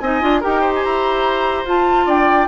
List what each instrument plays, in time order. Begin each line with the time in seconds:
0.00 bassoon C4, clarinet D#4, oboe D#5, flute G#5
0.21 bassoon D4, clarinet F4
0.41 bassoon D#4, clarinet G4, oboe A#4, flute G5
0.61 oboe C5
0.75 flute G#5
0.84 bassoon E4, flute A#5
1.65 bassoon F4, clarinet F4, flute A5
2.06 bassoon D4, oboe D5, flute G5